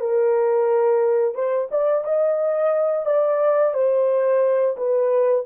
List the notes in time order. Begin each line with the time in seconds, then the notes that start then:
0.00 A#4
1.34 C5
1.71 D5
2.04 D#5
3.05 D5
3.73 C5
4.77 B4